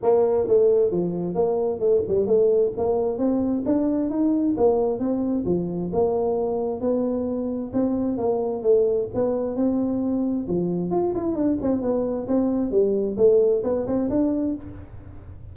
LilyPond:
\new Staff \with { instrumentName = "tuba" } { \time 4/4 \tempo 4 = 132 ais4 a4 f4 ais4 | a8 g8 a4 ais4 c'4 | d'4 dis'4 ais4 c'4 | f4 ais2 b4~ |
b4 c'4 ais4 a4 | b4 c'2 f4 | f'8 e'8 d'8 c'8 b4 c'4 | g4 a4 b8 c'8 d'4 | }